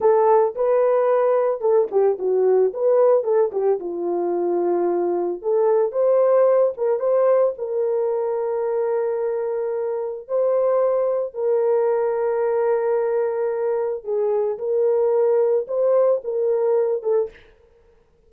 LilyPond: \new Staff \with { instrumentName = "horn" } { \time 4/4 \tempo 4 = 111 a'4 b'2 a'8 g'8 | fis'4 b'4 a'8 g'8 f'4~ | f'2 a'4 c''4~ | c''8 ais'8 c''4 ais'2~ |
ais'2. c''4~ | c''4 ais'2.~ | ais'2 gis'4 ais'4~ | ais'4 c''4 ais'4. a'8 | }